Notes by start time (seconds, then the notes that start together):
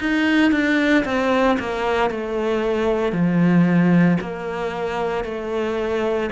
0.00 D#4
0.52 D4
1.05 C4
1.59 A#3
2.10 A3
3.12 F3
4.21 A#3
5.24 A3